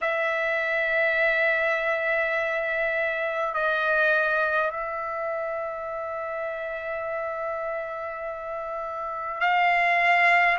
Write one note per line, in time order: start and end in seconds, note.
0.01 3.53 E5
3.53 4.71 D#5
4.71 9.40 E5
9.40 10.58 F5